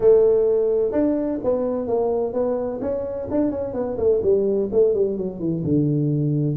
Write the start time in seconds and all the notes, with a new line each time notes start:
0.00 A3
0.92 D4
1.43 B3
1.87 A#3
2.33 B3
2.81 C#4
3.30 D4
3.50 C#4
3.73 B3
3.97 A3
4.23 G3
4.72 A3
4.93 G3
5.17 F#3
5.39 E3
5.64 D3